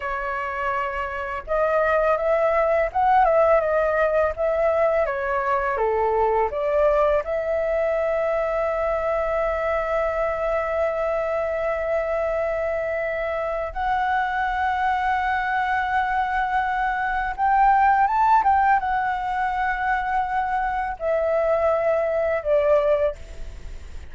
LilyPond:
\new Staff \with { instrumentName = "flute" } { \time 4/4 \tempo 4 = 83 cis''2 dis''4 e''4 | fis''8 e''8 dis''4 e''4 cis''4 | a'4 d''4 e''2~ | e''1~ |
e''2. fis''4~ | fis''1 | g''4 a''8 g''8 fis''2~ | fis''4 e''2 d''4 | }